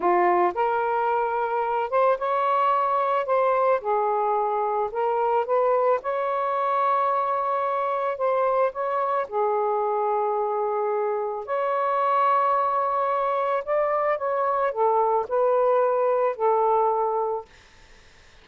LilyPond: \new Staff \with { instrumentName = "saxophone" } { \time 4/4 \tempo 4 = 110 f'4 ais'2~ ais'8 c''8 | cis''2 c''4 gis'4~ | gis'4 ais'4 b'4 cis''4~ | cis''2. c''4 |
cis''4 gis'2.~ | gis'4 cis''2.~ | cis''4 d''4 cis''4 a'4 | b'2 a'2 | }